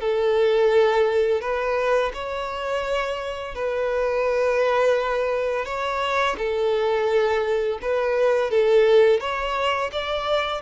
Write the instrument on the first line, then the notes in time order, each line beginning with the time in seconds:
violin
0.00 A4
1.41 B4
2.14 C#5
3.55 B4
5.65 C#5
6.38 A4
7.82 B4
8.50 A4
9.20 C#5
9.92 D5